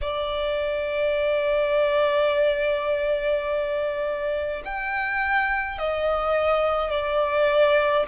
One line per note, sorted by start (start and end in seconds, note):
0.01 4.63 D5
4.65 5.78 G5
5.78 6.90 D#5
6.90 8.06 D5